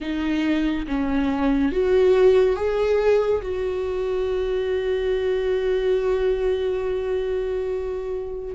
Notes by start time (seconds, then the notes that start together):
0.00 D#4
0.87 C#4
1.72 F#4
2.56 G#4
3.41 F#4